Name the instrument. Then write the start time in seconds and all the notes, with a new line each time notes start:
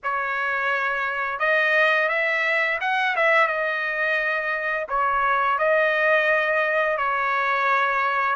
trumpet
0.03 C#5
1.39 D#5
2.09 E5
2.80 F#5
3.16 E5
3.47 D#5
4.88 C#5
5.58 D#5
6.97 C#5